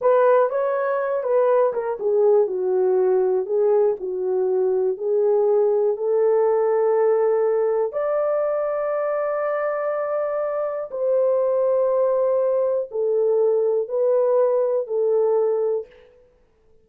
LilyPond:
\new Staff \with { instrumentName = "horn" } { \time 4/4 \tempo 4 = 121 b'4 cis''4. b'4 ais'8 | gis'4 fis'2 gis'4 | fis'2 gis'2 | a'1 |
d''1~ | d''2 c''2~ | c''2 a'2 | b'2 a'2 | }